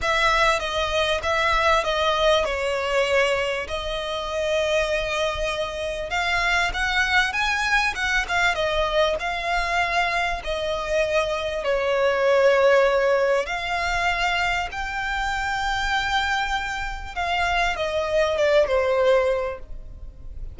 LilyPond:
\new Staff \with { instrumentName = "violin" } { \time 4/4 \tempo 4 = 98 e''4 dis''4 e''4 dis''4 | cis''2 dis''2~ | dis''2 f''4 fis''4 | gis''4 fis''8 f''8 dis''4 f''4~ |
f''4 dis''2 cis''4~ | cis''2 f''2 | g''1 | f''4 dis''4 d''8 c''4. | }